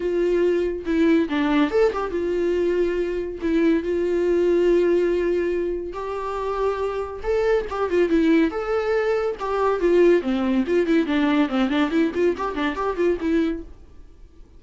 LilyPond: \new Staff \with { instrumentName = "viola" } { \time 4/4 \tempo 4 = 141 f'2 e'4 d'4 | a'8 g'8 f'2. | e'4 f'2.~ | f'2 g'2~ |
g'4 a'4 g'8 f'8 e'4 | a'2 g'4 f'4 | c'4 f'8 e'8 d'4 c'8 d'8 | e'8 f'8 g'8 d'8 g'8 f'8 e'4 | }